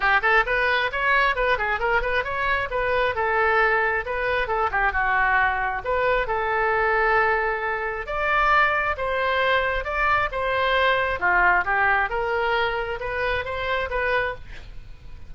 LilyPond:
\new Staff \with { instrumentName = "oboe" } { \time 4/4 \tempo 4 = 134 g'8 a'8 b'4 cis''4 b'8 gis'8 | ais'8 b'8 cis''4 b'4 a'4~ | a'4 b'4 a'8 g'8 fis'4~ | fis'4 b'4 a'2~ |
a'2 d''2 | c''2 d''4 c''4~ | c''4 f'4 g'4 ais'4~ | ais'4 b'4 c''4 b'4 | }